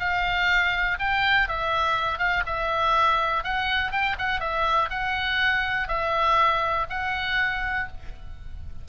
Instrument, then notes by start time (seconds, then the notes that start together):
oboe
0.00 F5
1.00 G5
1.49 E5
2.19 F5
2.47 E5
3.44 F#5
3.92 G5
4.19 F#5
4.40 E5
4.90 F#5
5.89 E5
6.90 F#5